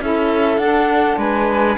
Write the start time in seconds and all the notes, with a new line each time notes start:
0.00 C#4 E4 A4 E5
0.57 D4 F#5
1.17 G#3 B4 G#5